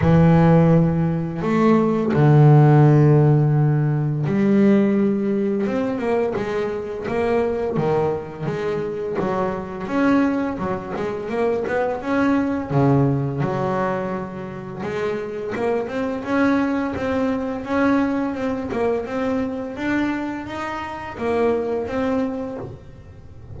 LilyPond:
\new Staff \with { instrumentName = "double bass" } { \time 4/4 \tempo 4 = 85 e2 a4 d4~ | d2 g2 | c'8 ais8 gis4 ais4 dis4 | gis4 fis4 cis'4 fis8 gis8 |
ais8 b8 cis'4 cis4 fis4~ | fis4 gis4 ais8 c'8 cis'4 | c'4 cis'4 c'8 ais8 c'4 | d'4 dis'4 ais4 c'4 | }